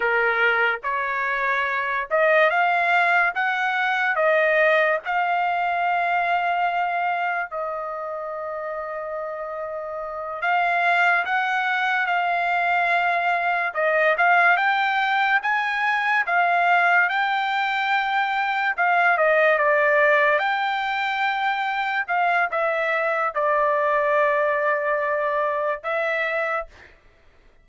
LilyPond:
\new Staff \with { instrumentName = "trumpet" } { \time 4/4 \tempo 4 = 72 ais'4 cis''4. dis''8 f''4 | fis''4 dis''4 f''2~ | f''4 dis''2.~ | dis''8 f''4 fis''4 f''4.~ |
f''8 dis''8 f''8 g''4 gis''4 f''8~ | f''8 g''2 f''8 dis''8 d''8~ | d''8 g''2 f''8 e''4 | d''2. e''4 | }